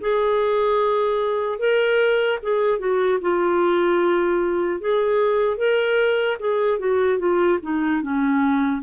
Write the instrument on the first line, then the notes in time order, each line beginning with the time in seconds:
clarinet
0.00 G#4
1.59 A#4
2.42 G#4
2.78 F#4
3.21 F4
4.80 G#4
5.57 A#4
6.39 G#4
6.79 F#4
7.18 F4
7.62 D#4
8.01 C#4